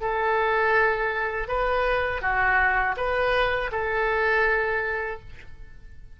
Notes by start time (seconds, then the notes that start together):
0.00 A4
1.48 B4
2.22 F#4
2.97 B4
3.71 A4